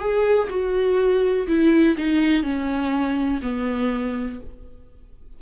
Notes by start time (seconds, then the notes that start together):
0.00 G#4
0.50 F#4
1.48 E4
1.98 D#4
2.43 C#4
3.43 B3